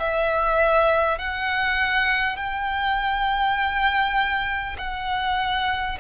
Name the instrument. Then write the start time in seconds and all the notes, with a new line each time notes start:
violin
0.00 E5
1.19 F#5
2.37 G5
4.79 F#5